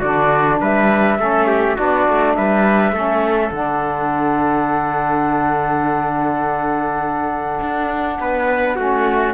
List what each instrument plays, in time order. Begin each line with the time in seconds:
0.00 cello D3, saxophone D4, trumpet F#4, flute D5
0.61 cello G3, trumpet B4, flute E5
1.18 cello A3, saxophone C#4, trumpet A4
1.47 trumpet G4
1.76 cello B3, saxophone D4, trumpet F#4, flute D5
2.08 cello A3
2.35 cello G3, trumpet B4, flute E5
2.92 cello A3, saxophone C#4, trumpet A4
3.50 cello D3, saxophone D4, flute F#5
7.60 cello D4
8.20 cello B3, trumpet B4
8.76 cello A3, saxophone C#4, trumpet F#4